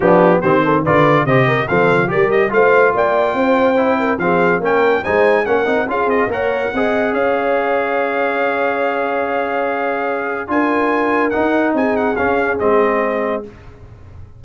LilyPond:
<<
  \new Staff \with { instrumentName = "trumpet" } { \time 4/4 \tempo 4 = 143 g'4 c''4 d''4 dis''4 | f''4 d''8 dis''8 f''4 g''4~ | g''2 f''4 g''4 | gis''4 fis''4 f''8 dis''8 fis''4~ |
fis''4 f''2.~ | f''1~ | f''4 gis''2 fis''4 | gis''8 fis''8 f''4 dis''2 | }
  \new Staff \with { instrumentName = "horn" } { \time 4/4 d'4 g'8 a'8 b'4 c''8 ais'8 | a'4 ais'4 c''4 d''4 | c''4. ais'8 gis'4 ais'4 | c''4 ais'4 gis'4 cis''4 |
dis''4 cis''2.~ | cis''1~ | cis''4 ais'2. | gis'1 | }
  \new Staff \with { instrumentName = "trombone" } { \time 4/4 b4 c'4 f'4 g'4 | c'4 g'4 f'2~ | f'4 e'4 c'4 cis'4 | dis'4 cis'8 dis'8 f'4 ais'4 |
gis'1~ | gis'1~ | gis'4 f'2 dis'4~ | dis'4 cis'4 c'2 | }
  \new Staff \with { instrumentName = "tuba" } { \time 4/4 f4 dis4 d4 c4 | f4 g4 a4 ais4 | c'2 f4 ais4 | gis4 ais8 c'8 cis'8 c'8 ais4 |
c'4 cis'2.~ | cis'1~ | cis'4 d'2 dis'4 | c'4 cis'4 gis2 | }
>>